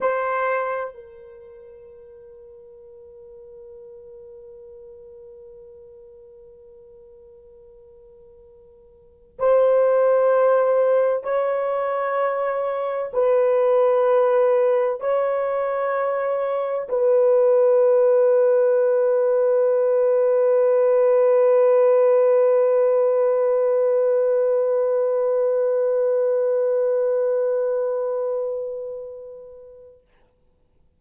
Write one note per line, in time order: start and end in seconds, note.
0.00 0.94 C5
0.94 9.37 A#4
9.38 11.23 C5
11.23 13.11 C#5
13.13 15.00 B4
15.00 16.87 C#5
16.88 30.01 B4